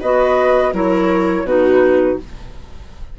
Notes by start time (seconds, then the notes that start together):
0.00 B3 F#4 B4 D#5
0.72 F#3 E4 A#4 C#5
1.43 B2 D#4 F#4 B4